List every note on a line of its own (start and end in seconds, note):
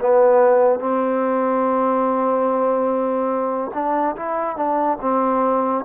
0.00 0.80 B3
0.80 3.71 C4
3.74 4.16 D4
4.16 4.56 E4
4.56 4.98 D4
5.01 5.84 C4